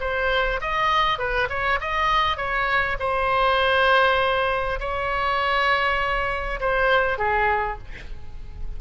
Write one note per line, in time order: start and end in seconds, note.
0.00 0.60 C5
0.61 1.18 D#5
1.18 1.48 B4
1.49 1.79 C#5
1.81 2.37 D#5
2.37 2.97 C#5
2.99 4.79 C5
4.80 6.60 C#5
6.61 7.18 C5
7.18 7.78 G#4